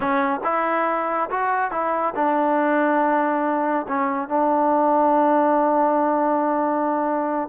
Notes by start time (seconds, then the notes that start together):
0.00 C#4
0.43 E4
1.30 F#4
1.71 E4
2.15 D4
3.88 C#4
4.28 D4